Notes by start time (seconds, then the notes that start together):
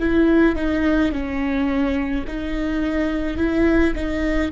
0.00 E4
0.56 D#4
1.13 C#4
2.27 D#4
3.38 E4
3.96 D#4